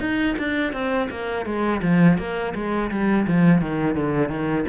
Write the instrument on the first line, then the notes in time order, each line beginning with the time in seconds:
cello
0.00 D#4
0.39 D4
0.73 C4
1.10 A#3
1.46 G#3
1.82 F3
2.18 A#3
2.55 G#3
2.91 G3
3.27 F3
3.61 D#3
3.95 D3
4.29 D#3